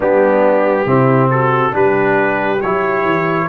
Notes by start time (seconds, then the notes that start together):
0.00 G3 B3 D4 G4
0.86 C3 C4 E4
1.30 F#4 A4
1.71 G3 D4 G4 B4
2.61 F#3 E4 C#5
3.04 E3